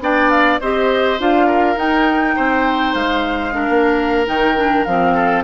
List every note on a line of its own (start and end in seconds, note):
0.00 0.59 B3
0.00 0.61 D4
0.00 0.61 D5
0.00 0.30 G5
0.30 0.60 F5
0.61 1.20 C4
0.61 1.19 G4
0.61 1.47 C5
0.61 1.20 D#5
1.19 1.77 D4
1.19 1.77 F4
1.19 1.78 F5
1.47 2.35 A#4
1.77 2.35 D#4
1.77 3.53 D#4
1.77 2.95 G5
2.36 2.95 C4
2.36 3.54 C5
2.95 3.68 G#3
2.95 4.27 F5
3.53 4.26 D4
3.53 5.14 A#4
3.69 4.28 A#3
4.27 4.87 D#3
4.27 4.56 D#4
4.27 4.84 G5
4.57 4.86 D4
4.84 5.44 F3
4.84 5.44 C4
4.84 5.43 F5
5.14 5.44 A4